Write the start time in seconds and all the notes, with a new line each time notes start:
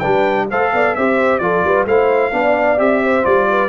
0.00 G3 D4 B4 G5
0.50 A3 A4 C5 F5
0.73 B3 D5
0.95 C4 G4 C5 E5
1.39 F3 F4 A4 D5
1.64 G3 B4
1.85 A3 E4 C5 F5
2.32 B3 D4 D5
2.77 C4 G4 E5
3.03 C5
3.23 G3 F4 D5
3.50 B4